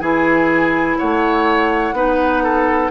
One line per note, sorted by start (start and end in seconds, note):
0.00 0.98 E3
0.00 1.95 E4
0.00 0.98 G#4
0.00 0.97 G#5
0.98 1.93 A3
0.98 1.95 C#5
0.98 2.92 F#5
1.93 2.90 B3
1.93 2.92 D#4
1.93 2.43 B4
2.43 2.92 A4